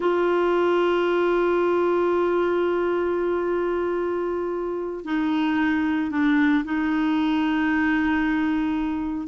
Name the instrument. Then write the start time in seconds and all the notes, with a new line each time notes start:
clarinet
0.00 F4
5.04 D#4
6.11 D4
6.64 D#4